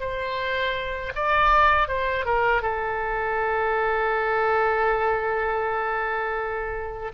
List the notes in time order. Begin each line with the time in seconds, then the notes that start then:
0.00 C5
1.15 D5
1.88 C5
2.25 A#4
2.62 A4